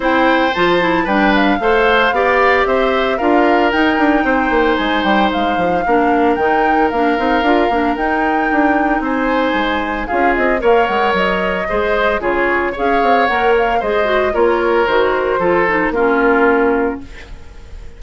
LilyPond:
<<
  \new Staff \with { instrumentName = "flute" } { \time 4/4 \tempo 4 = 113 g''4 a''4 g''8 f''4.~ | f''4 e''4 f''4 g''4~ | g''4 gis''8 g''8 f''2 | g''4 f''2 g''4~ |
g''4 gis''2 f''8 dis''8 | f''8 fis''8 dis''2 cis''4 | f''4 fis''8 f''8 dis''4 cis''4 | c''2 ais'2 | }
  \new Staff \with { instrumentName = "oboe" } { \time 4/4 c''2 b'4 c''4 | d''4 c''4 ais'2 | c''2. ais'4~ | ais'1~ |
ais'4 c''2 gis'4 | cis''2 c''4 gis'4 | cis''2 c''4 ais'4~ | ais'4 a'4 f'2 | }
  \new Staff \with { instrumentName = "clarinet" } { \time 4/4 e'4 f'8 e'8 d'4 a'4 | g'2 f'4 dis'4~ | dis'2. d'4 | dis'4 d'8 dis'8 f'8 d'8 dis'4~ |
dis'2. f'4 | ais'2 gis'4 f'4 | gis'4 ais'4 gis'8 fis'8 f'4 | fis'4 f'8 dis'8 cis'2 | }
  \new Staff \with { instrumentName = "bassoon" } { \time 4/4 c'4 f4 g4 a4 | b4 c'4 d'4 dis'8 d'8 | c'8 ais8 gis8 g8 gis8 f8 ais4 | dis4 ais8 c'8 d'8 ais8 dis'4 |
d'4 c'4 gis4 cis'8 c'8 | ais8 gis8 fis4 gis4 cis4 | cis'8 c'8 ais4 gis4 ais4 | dis4 f4 ais2 | }
>>